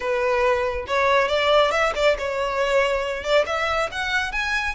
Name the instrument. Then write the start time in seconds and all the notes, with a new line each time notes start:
violin
0.00 B4
0.87 C#5
1.28 D5
1.71 E5
1.95 D5
2.18 C#5
3.23 D5
3.46 E5
3.91 F#5
4.32 G#5